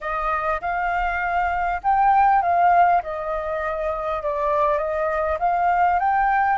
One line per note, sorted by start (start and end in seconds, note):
0.00 0.60 D#5
0.61 1.81 F5
1.83 2.42 G5
2.42 3.02 F5
3.02 4.22 D#5
4.22 4.78 D5
4.78 5.38 D#5
5.39 5.99 F5
5.99 6.58 G5